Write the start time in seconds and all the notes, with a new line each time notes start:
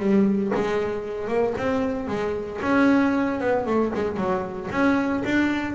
0.00 G3
0.55 G#3
1.28 A#3
1.58 C4
2.08 G#3
2.62 C#4
3.41 B3
3.66 A3
3.95 G#3
4.17 F#3
4.71 C#4
5.25 D4